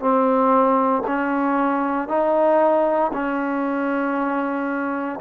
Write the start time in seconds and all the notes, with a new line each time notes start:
0.00 C4
1.07 C#4
2.08 D#4
3.13 C#4